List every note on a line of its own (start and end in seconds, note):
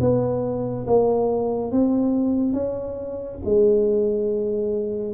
0.00 0.86 B3
0.86 1.71 A#3
1.71 2.53 C4
2.53 3.39 C#4
3.45 5.14 G#3